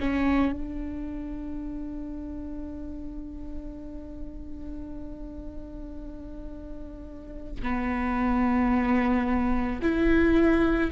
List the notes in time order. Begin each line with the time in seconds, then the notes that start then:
0.00 C#4
0.53 D4
7.63 B3
9.82 E4